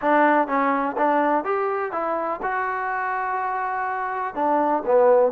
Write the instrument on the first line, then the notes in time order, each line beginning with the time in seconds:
trombone
0.01 D4
0.47 C#4
0.97 D4
1.44 G4
1.92 E4
2.42 F#4
4.34 D4
4.85 B3